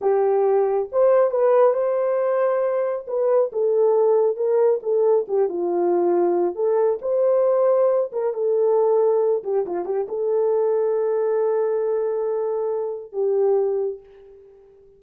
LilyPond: \new Staff \with { instrumentName = "horn" } { \time 4/4 \tempo 4 = 137 g'2 c''4 b'4 | c''2. b'4 | a'2 ais'4 a'4 | g'8 f'2~ f'8 a'4 |
c''2~ c''8 ais'8 a'4~ | a'4. g'8 f'8 g'8 a'4~ | a'1~ | a'2 g'2 | }